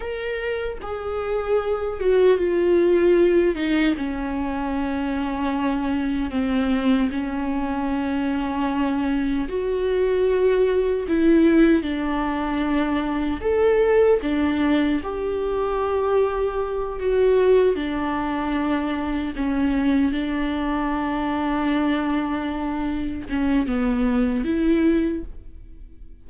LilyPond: \new Staff \with { instrumentName = "viola" } { \time 4/4 \tempo 4 = 76 ais'4 gis'4. fis'8 f'4~ | f'8 dis'8 cis'2. | c'4 cis'2. | fis'2 e'4 d'4~ |
d'4 a'4 d'4 g'4~ | g'4. fis'4 d'4.~ | d'8 cis'4 d'2~ d'8~ | d'4. cis'8 b4 e'4 | }